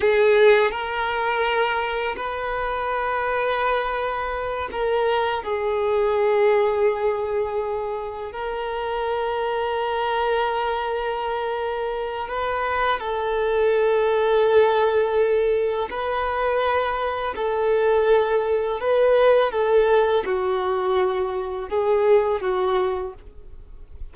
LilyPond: \new Staff \with { instrumentName = "violin" } { \time 4/4 \tempo 4 = 83 gis'4 ais'2 b'4~ | b'2~ b'8 ais'4 gis'8~ | gis'2.~ gis'8 ais'8~ | ais'1~ |
ais'4 b'4 a'2~ | a'2 b'2 | a'2 b'4 a'4 | fis'2 gis'4 fis'4 | }